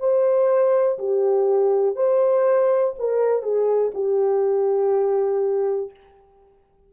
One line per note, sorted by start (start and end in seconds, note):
0.00 0.98 C5
0.99 1.96 G4
1.96 2.94 C5
2.99 3.42 A#4
3.42 3.92 G#4
3.94 5.91 G4